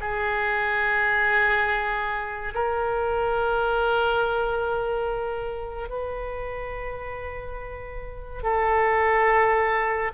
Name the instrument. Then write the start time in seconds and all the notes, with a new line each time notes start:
oboe
0.00 G#4
2.54 A#4
5.89 B4
8.42 A4